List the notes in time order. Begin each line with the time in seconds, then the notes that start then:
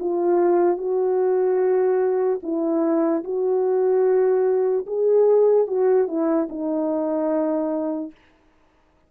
0.00 F4
0.78 F#4
2.43 E4
3.24 F#4
4.87 G#4
5.68 F#4
6.08 E4
6.49 D#4